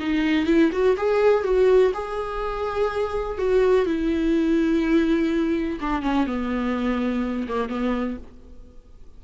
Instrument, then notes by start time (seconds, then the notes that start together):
viola
0.00 D#4
0.46 E4
0.72 F#4
0.97 G#4
1.44 F#4
1.94 G#4
3.38 F#4
3.86 E4
5.81 D4
6.02 C#4
6.27 B3
7.48 A#3
7.69 B3